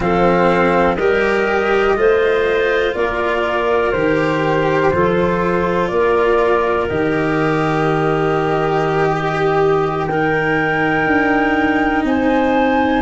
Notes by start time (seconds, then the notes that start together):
0.00 F3 C4 A4 F5
0.95 G3 G4 A#4 D#5
1.96 A3 F4 C5
2.93 A#3 A#4 D5
3.91 D#3 G4 C5
4.92 F3 F4 A4
5.87 A#3 A#4 D5
6.88 D#3 G4 D#5
9.09 G4
10.06 D#4 A#4 G5
11.06 D4
12.03 C4 C5 G#5